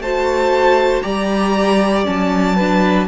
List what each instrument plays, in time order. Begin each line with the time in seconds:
0.00 cello A3, viola F#4, violin C5 A5
1.03 cello G3, viola G4, violin D5 A#5
2.04 cello F#3, viola C#4, violin A5
2.56 viola D4, violin B4